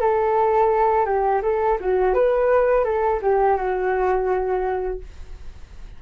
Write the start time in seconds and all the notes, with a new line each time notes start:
0.00 A4
1.05 G4
1.42 A4
1.80 F#4
2.14 B4
2.84 A4
3.21 G4
3.56 F#4